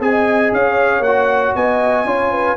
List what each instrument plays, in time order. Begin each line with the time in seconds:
0.00 tuba C4, trombone G#4, horn D#5, trumpet G#5
0.52 tuba C#4, horn C#5, trumpet F5
1.00 tuba A#3, trumpet F#5
1.07 trombone F#4
1.56 tuba B3, horn D#5, trumpet G#5
2.05 tuba C#4, trombone F4, horn C#5
2.31 horn B4